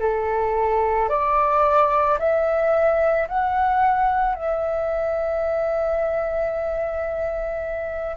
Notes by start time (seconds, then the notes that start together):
0.00 A4
1.09 D5
2.19 E5
3.28 F#5
4.35 E5